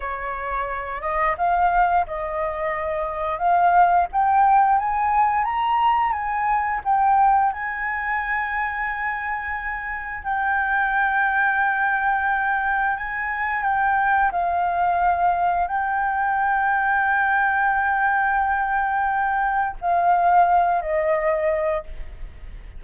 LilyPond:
\new Staff \with { instrumentName = "flute" } { \time 4/4 \tempo 4 = 88 cis''4. dis''8 f''4 dis''4~ | dis''4 f''4 g''4 gis''4 | ais''4 gis''4 g''4 gis''4~ | gis''2. g''4~ |
g''2. gis''4 | g''4 f''2 g''4~ | g''1~ | g''4 f''4. dis''4. | }